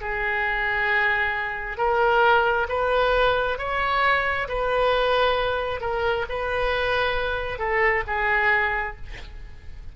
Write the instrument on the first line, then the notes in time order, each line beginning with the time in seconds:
oboe
0.00 G#4
1.77 A#4
2.68 B4
3.58 C#5
4.48 B4
5.80 A#4
6.28 B4
7.58 A4
8.06 G#4